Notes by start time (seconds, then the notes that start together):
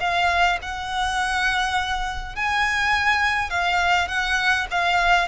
0.00 F5
0.62 F#5
2.36 G#5
3.50 F5
4.08 F#5
4.71 F5